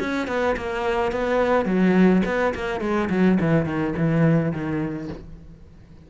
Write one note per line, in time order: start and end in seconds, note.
0.00 0.28 C#4
0.28 0.56 B3
0.57 1.12 A#3
1.12 1.66 B3
1.66 2.22 F#3
2.26 2.54 B3
2.55 2.81 A#3
2.81 3.09 G#3
3.10 3.38 F#3
3.41 3.66 E3
3.66 3.94 D#3
3.97 4.52 E3
4.52 5.09 D#3